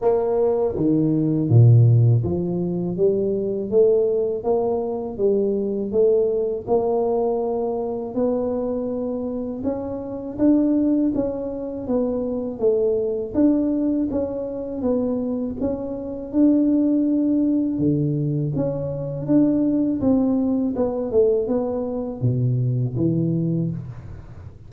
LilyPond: \new Staff \with { instrumentName = "tuba" } { \time 4/4 \tempo 4 = 81 ais4 dis4 ais,4 f4 | g4 a4 ais4 g4 | a4 ais2 b4~ | b4 cis'4 d'4 cis'4 |
b4 a4 d'4 cis'4 | b4 cis'4 d'2 | d4 cis'4 d'4 c'4 | b8 a8 b4 b,4 e4 | }